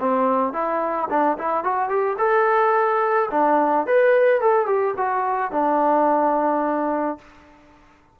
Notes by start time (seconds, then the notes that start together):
0.00 C4
0.53 E4
1.10 D4
1.38 E4
1.64 F#4
1.89 G4
2.19 A4
3.31 D4
3.87 B4
4.41 A4
4.67 G4
4.97 F#4
5.52 D4